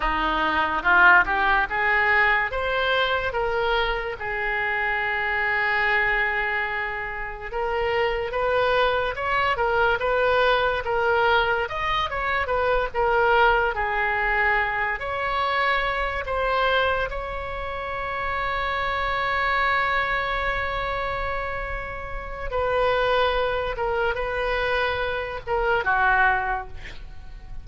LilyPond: \new Staff \with { instrumentName = "oboe" } { \time 4/4 \tempo 4 = 72 dis'4 f'8 g'8 gis'4 c''4 | ais'4 gis'2.~ | gis'4 ais'4 b'4 cis''8 ais'8 | b'4 ais'4 dis''8 cis''8 b'8 ais'8~ |
ais'8 gis'4. cis''4. c''8~ | c''8 cis''2.~ cis''8~ | cis''2. b'4~ | b'8 ais'8 b'4. ais'8 fis'4 | }